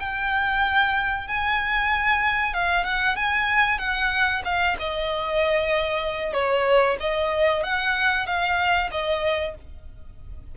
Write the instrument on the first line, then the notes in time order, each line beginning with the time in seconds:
violin
0.00 G5
1.28 G#5
2.54 F5
2.84 F#5
3.16 G#5
3.79 F#5
4.45 F5
4.79 D#5
6.33 C#5
7.00 D#5
7.64 F#5
8.26 F5
8.91 D#5